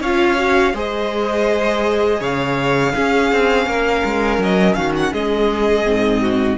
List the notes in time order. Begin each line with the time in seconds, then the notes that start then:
0.00 C#4 F4 C#5 F5
0.37 F#4
0.73 G#3 G#4 C5 D#5
2.20 C#3 C#5 F5
2.94 C#4 G#4
3.32 C4
3.66 A#3 A#4
4.04 G#3
4.38 F#3 D#5
4.74 D#3 F#4 F5
4.96 F#5
5.13 G#3 G#4 D#5
5.84 G#2 C4
6.21 F#4